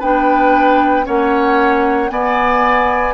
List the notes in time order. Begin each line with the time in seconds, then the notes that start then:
0.00 B3 D4 B4 G5
1.04 A#3 C#4 C#5 F#5
2.10 B3 D5 G#5